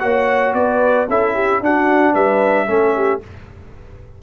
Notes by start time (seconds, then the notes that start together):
0.00 A#3 F#4 C#5 F#5
0.54 B3 B4 D5
1.09 C#4 E4 A4 E5
1.34 G4
1.61 D4 F#4 F#5
2.13 G3 B4 E5
2.67 A3 C#4 A4
2.96 G4